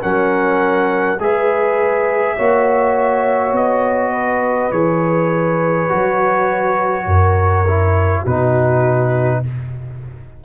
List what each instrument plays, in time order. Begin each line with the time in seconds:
0.00 tuba F#3, trombone C#4, horn A#4, trumpet F#5
1.20 tuba G#3, trombone G#4, horn B4, trumpet E5
2.36 tuba A#3, trombone F#4, horn C#5
3.52 tuba B3, trumpet D#5
4.12 horn B4
4.72 tuba E3, trombone G#4, trumpet C#5
5.89 tuba F#3, trombone F#4
7.06 tuba F#2, horn A#4
7.68 trombone E4
8.22 tuba B2, trombone D#4, horn F#4, trumpet B4